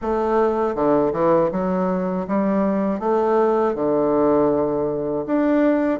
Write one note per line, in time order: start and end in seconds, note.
0.01 0.75 A3
0.75 1.12 D3
1.12 1.50 E3
1.51 2.26 F#3
2.27 2.99 G3
2.99 3.74 A3
3.74 5.24 D3
5.26 5.99 D4